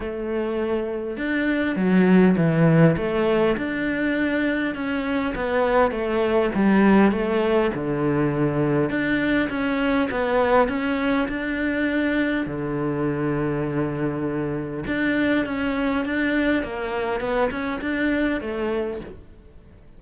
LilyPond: \new Staff \with { instrumentName = "cello" } { \time 4/4 \tempo 4 = 101 a2 d'4 fis4 | e4 a4 d'2 | cis'4 b4 a4 g4 | a4 d2 d'4 |
cis'4 b4 cis'4 d'4~ | d'4 d2.~ | d4 d'4 cis'4 d'4 | ais4 b8 cis'8 d'4 a4 | }